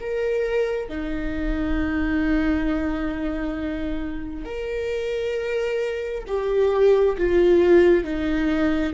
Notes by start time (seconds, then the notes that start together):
0.00 A#4
0.89 D#4
4.45 A#4
6.27 G4
7.18 F4
8.04 D#4